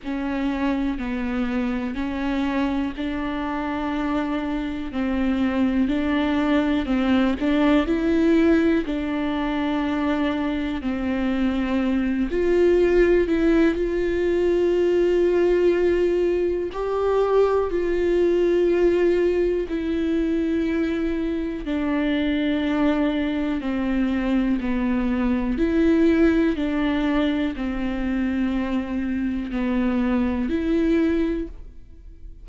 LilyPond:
\new Staff \with { instrumentName = "viola" } { \time 4/4 \tempo 4 = 61 cis'4 b4 cis'4 d'4~ | d'4 c'4 d'4 c'8 d'8 | e'4 d'2 c'4~ | c'8 f'4 e'8 f'2~ |
f'4 g'4 f'2 | e'2 d'2 | c'4 b4 e'4 d'4 | c'2 b4 e'4 | }